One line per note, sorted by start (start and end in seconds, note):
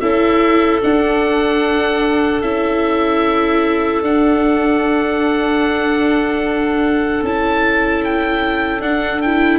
0.00 0.82 C#4
0.00 0.81 E4
0.00 9.59 A4
0.00 0.80 E5
0.81 2.41 D4
0.81 2.42 D4
0.81 2.42 F#5
2.42 4.02 C#4
2.42 4.03 E4
2.42 4.02 E5
4.02 7.22 D4
4.02 7.24 D4
4.02 7.25 F#5
7.22 8.80 C#4
7.22 8.80 E4
7.22 8.04 A5
8.04 8.81 G5
8.80 9.59 D4
8.80 9.20 D4
8.80 9.21 F#5
9.21 9.59 E4
9.21 9.59 G5